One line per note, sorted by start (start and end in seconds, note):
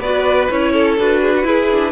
0.00 0.48 B3
0.00 0.51 F#4
0.00 0.72 B4
0.00 0.49 D5
0.50 0.98 C#4
0.50 0.99 E4
0.50 0.98 C#5
0.73 1.21 A4
0.98 1.44 D4
0.98 1.42 F#4
0.98 1.92 B4
1.21 1.33 G#4
1.35 1.46 F#4
1.42 1.66 E4
1.42 1.92 E4
1.42 1.92 G#4
1.72 1.92 D4